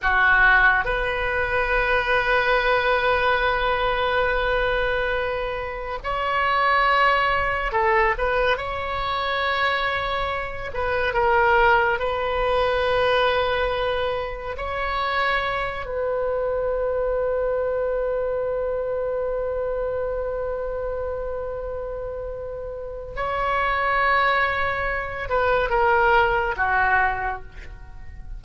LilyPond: \new Staff \with { instrumentName = "oboe" } { \time 4/4 \tempo 4 = 70 fis'4 b'2.~ | b'2. cis''4~ | cis''4 a'8 b'8 cis''2~ | cis''8 b'8 ais'4 b'2~ |
b'4 cis''4. b'4.~ | b'1~ | b'2. cis''4~ | cis''4. b'8 ais'4 fis'4 | }